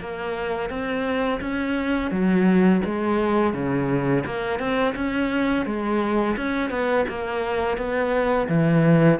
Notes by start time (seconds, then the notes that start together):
0.00 A#3
0.69 C4
1.40 C#4
2.10 F#3
2.85 G#3
3.53 C#3
4.25 A#3
4.59 C4
4.95 C#4
5.65 G#3
6.36 C#4
6.70 B3
7.08 A#3
7.77 B3
8.48 E3